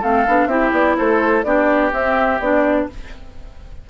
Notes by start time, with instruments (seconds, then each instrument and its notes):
0.00 bassoon A3, clarinet C4, oboe A4, flute F5
0.27 bassoon B3, clarinet D4
0.46 bassoon C4, clarinet E4, oboe G4, flute E5
0.72 bassoon B3, flute D5
0.98 bassoon A3, oboe A4, flute C5
1.43 bassoon B3, clarinet D4, oboe G4, flute D5
1.92 bassoon C4, clarinet C4, flute E5
2.39 bassoon B3, clarinet D4, flute D5